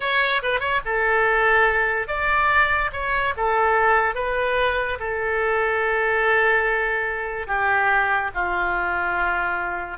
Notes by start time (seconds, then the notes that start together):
0.00 C#5
0.42 B4
0.60 C#5
0.85 A4
2.07 D5
2.92 C#5
3.36 A4
4.14 B4
4.99 A4
7.47 G4
8.34 F4